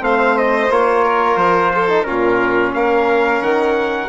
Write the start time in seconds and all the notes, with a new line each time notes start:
0.00 A3 C4 F5
0.06 C5
0.38 D#5
0.70 A#3 F4 C#5
1.04 A#4
1.36 F3 C5
1.75 A4
1.89 D#4
2.04 A#2 C#4 F4 A#4
2.74 A#3 A#4 F5
3.42 D#3 F#5